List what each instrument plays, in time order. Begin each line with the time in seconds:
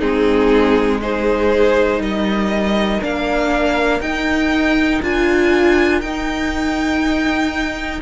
0.00 cello G#3, viola C4, violin D#4 G#4
1.02 viola D#4, violin G#4 C5
1.99 cello G3, violin A#4 D#5
3.02 cello A#3, viola D4, violin F5
4.01 cello D#4, viola D#4, violin G5
5.03 cello D4, viola F4, violin G#5
6.01 cello D#4, viola D#4, violin G5